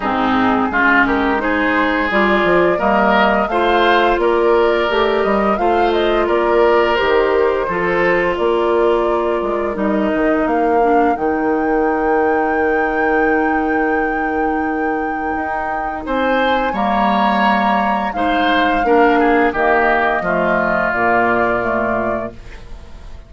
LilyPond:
<<
  \new Staff \with { instrumentName = "flute" } { \time 4/4 \tempo 4 = 86 gis'4. ais'8 c''4 d''4 | dis''4 f''4 d''4. dis''8 | f''8 dis''8 d''4 c''2 | d''2 dis''4 f''4 |
g''1~ | g''2. gis''4 | ais''2 f''2 | dis''2 d''2 | }
  \new Staff \with { instrumentName = "oboe" } { \time 4/4 dis'4 f'8 g'8 gis'2 | ais'4 c''4 ais'2 | c''4 ais'2 a'4 | ais'1~ |
ais'1~ | ais'2. c''4 | cis''2 c''4 ais'8 gis'8 | g'4 f'2. | }
  \new Staff \with { instrumentName = "clarinet" } { \time 4/4 c'4 cis'4 dis'4 f'4 | ais4 f'2 g'4 | f'2 g'4 f'4~ | f'2 dis'4. d'8 |
dis'1~ | dis'1 | ais2 dis'4 d'4 | ais4 a4 ais4 a4 | }
  \new Staff \with { instrumentName = "bassoon" } { \time 4/4 gis,4 gis2 g8 f8 | g4 a4 ais4 a8 g8 | a4 ais4 dis4 f4 | ais4. gis8 g8 dis8 ais4 |
dis1~ | dis2 dis'4 c'4 | g2 gis4 ais4 | dis4 f4 ais,2 | }
>>